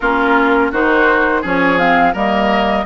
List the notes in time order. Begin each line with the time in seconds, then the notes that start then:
0.00 A#3 C#4 F4 A#4
0.71 D#3 D#4 F#4 C5
1.41 F3 C#4 G#4 C#5
1.77 C4 F5
2.13 G3 A#3 A#4 D#5